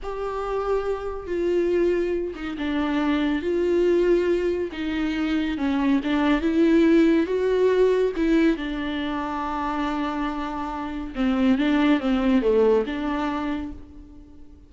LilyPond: \new Staff \with { instrumentName = "viola" } { \time 4/4 \tempo 4 = 140 g'2. f'4~ | f'4. dis'8 d'2 | f'2. dis'4~ | dis'4 cis'4 d'4 e'4~ |
e'4 fis'2 e'4 | d'1~ | d'2 c'4 d'4 | c'4 a4 d'2 | }